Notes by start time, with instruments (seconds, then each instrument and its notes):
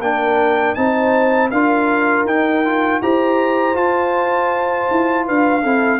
0.00 tuba A#3, trombone D4, horn A#4, trumpet G5
0.75 tuba C4, trombone D#4, horn C5, trumpet A5
1.51 tuba D4, trombone F4, horn A#4, trumpet F5
2.25 tuba D#4, trombone D#4, trumpet G5
2.65 trombone F4
3.01 tuba E4, trombone G4, horn C5, trumpet A#5
3.74 trombone F4, tuba F4, trumpet A5
4.91 tuba E4
5.26 tuba D4, horn B4, trumpet F5
5.62 tuba C4, trombone E4, horn A4